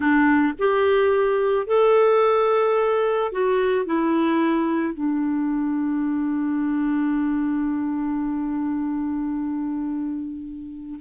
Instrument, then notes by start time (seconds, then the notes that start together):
clarinet
0.00 D4
0.58 G4
1.66 A4
3.32 F#4
3.85 E4
4.94 D4